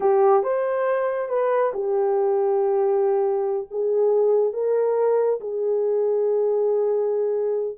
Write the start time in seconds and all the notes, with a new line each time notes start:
0.00 G4
0.43 C5
1.29 B4
1.73 G4
3.70 G#4
4.53 A#4
5.40 G#4